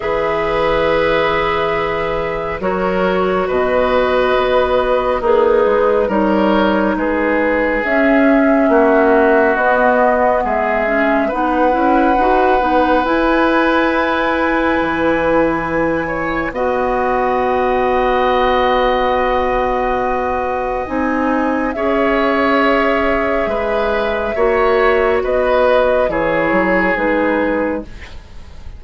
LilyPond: <<
  \new Staff \with { instrumentName = "flute" } { \time 4/4 \tempo 4 = 69 e''2. cis''4 | dis''2 b'4 cis''4 | b'4 e''2 dis''4 | e''4 fis''2 gis''4~ |
gis''2. fis''4~ | fis''1 | gis''4 e''2.~ | e''4 dis''4 cis''4 b'4 | }
  \new Staff \with { instrumentName = "oboe" } { \time 4/4 b'2. ais'4 | b'2 dis'4 ais'4 | gis'2 fis'2 | gis'4 b'2.~ |
b'2~ b'8 cis''8 dis''4~ | dis''1~ | dis''4 cis''2 b'4 | cis''4 b'4 gis'2 | }
  \new Staff \with { instrumentName = "clarinet" } { \time 4/4 gis'2. fis'4~ | fis'2 gis'4 dis'4~ | dis'4 cis'2 b4~ | b8 cis'8 dis'8 e'8 fis'8 dis'8 e'4~ |
e'2. fis'4~ | fis'1 | dis'4 gis'2. | fis'2 e'4 dis'4 | }
  \new Staff \with { instrumentName = "bassoon" } { \time 4/4 e2. fis4 | b,4 b4 ais8 gis8 g4 | gis4 cis'4 ais4 b4 | gis4 b8 cis'8 dis'8 b8 e'4~ |
e'4 e2 b4~ | b1 | c'4 cis'2 gis4 | ais4 b4 e8 fis8 gis4 | }
>>